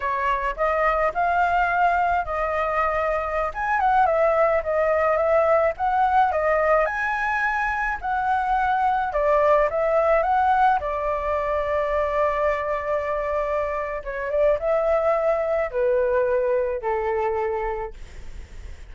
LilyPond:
\new Staff \with { instrumentName = "flute" } { \time 4/4 \tempo 4 = 107 cis''4 dis''4 f''2 | dis''2~ dis''16 gis''8 fis''8 e''8.~ | e''16 dis''4 e''4 fis''4 dis''8.~ | dis''16 gis''2 fis''4.~ fis''16~ |
fis''16 d''4 e''4 fis''4 d''8.~ | d''1~ | d''4 cis''8 d''8 e''2 | b'2 a'2 | }